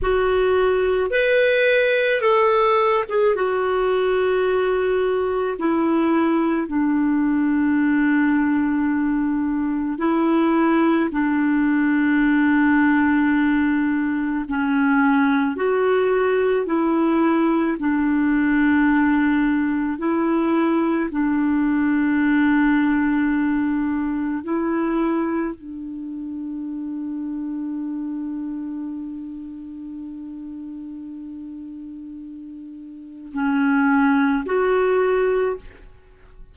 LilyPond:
\new Staff \with { instrumentName = "clarinet" } { \time 4/4 \tempo 4 = 54 fis'4 b'4 a'8. gis'16 fis'4~ | fis'4 e'4 d'2~ | d'4 e'4 d'2~ | d'4 cis'4 fis'4 e'4 |
d'2 e'4 d'4~ | d'2 e'4 d'4~ | d'1~ | d'2 cis'4 fis'4 | }